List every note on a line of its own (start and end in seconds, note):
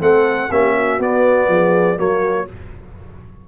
0.00 0.50 A3
0.00 0.49 C4
0.00 0.49 A4
0.00 0.51 F#5
0.49 0.99 A#3
0.49 1.00 C#4
0.49 0.74 G4
0.49 1.01 E5
0.75 1.48 F#4
0.99 1.48 B3
0.99 1.96 B3
0.99 1.99 D5
1.48 1.97 F3
1.48 1.98 G#4
1.96 2.47 F#3
1.96 2.45 A#3
1.96 2.47 F#4
1.96 2.48 C#5